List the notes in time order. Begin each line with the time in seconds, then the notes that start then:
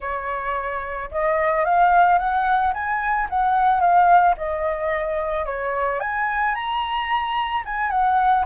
0.00 C#5
1.11 D#5
1.65 F5
2.18 F#5
2.73 G#5
3.29 F#5
3.80 F5
4.37 D#5
5.45 C#5
6.00 G#5
6.54 A#5
7.65 G#5
7.90 F#5